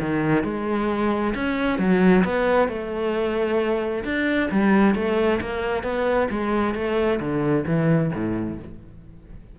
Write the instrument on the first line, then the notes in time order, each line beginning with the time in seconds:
cello
0.00 D#3
0.43 G#3
1.35 C#4
1.79 F#3
2.24 B3
2.68 A3
4.04 D4
4.51 G3
4.95 A3
5.41 A#3
5.83 B3
6.30 G#3
6.74 A3
7.20 D3
7.66 E3
8.14 A2